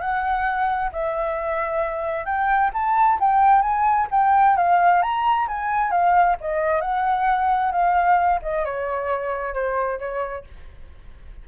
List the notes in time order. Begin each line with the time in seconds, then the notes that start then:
0.00 F#5
0.92 E5
2.25 G5
2.73 A5
3.20 G5
3.62 G#5
4.11 G5
4.57 F5
5.02 A#5
5.48 G#5
5.91 F5
6.40 D#5
6.81 F#5
7.72 F5
8.42 D#5
8.65 C#5
9.54 C5
9.99 C#5